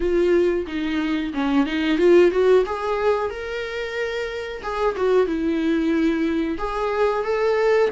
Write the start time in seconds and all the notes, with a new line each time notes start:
0.00 F4
0.67 D#4
1.33 C#4
1.66 D#4
1.98 F4
2.31 F#4
2.65 G#4
3.30 A#4
4.62 G#4
4.96 F#4
5.26 E4
6.58 G#4
7.23 A4